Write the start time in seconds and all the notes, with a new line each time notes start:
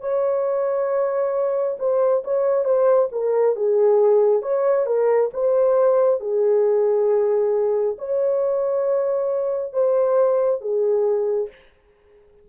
0.00 C#5
1.79 C5
2.24 C#5
2.64 C5
3.12 A#4
3.55 G#4
4.42 C#5
4.86 A#4
5.33 C5
6.20 G#4
7.98 C#5
9.73 C5
10.60 G#4